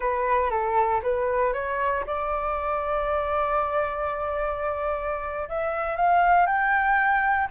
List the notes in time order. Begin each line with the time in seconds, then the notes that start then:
0.00 B4
0.50 A4
1.02 B4
1.53 C#5
2.06 D5
5.48 E5
5.96 F5
6.46 G5